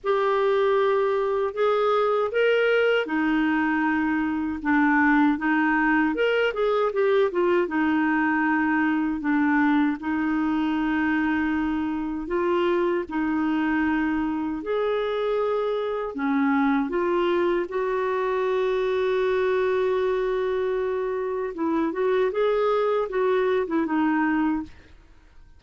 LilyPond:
\new Staff \with { instrumentName = "clarinet" } { \time 4/4 \tempo 4 = 78 g'2 gis'4 ais'4 | dis'2 d'4 dis'4 | ais'8 gis'8 g'8 f'8 dis'2 | d'4 dis'2. |
f'4 dis'2 gis'4~ | gis'4 cis'4 f'4 fis'4~ | fis'1 | e'8 fis'8 gis'4 fis'8. e'16 dis'4 | }